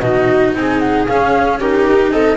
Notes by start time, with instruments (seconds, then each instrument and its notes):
0.00 double bass B2, cello D#4, viola F#4, flute D#5
0.54 double bass C4, viola G#4, flute G#5
0.79 flute F#5
1.07 cello C#4, double bass C#4, flute F5
1.59 cello D#4, viola G4, flute A#4
1.87 double bass D#4
2.11 double bass C4, viola A4, flute D#5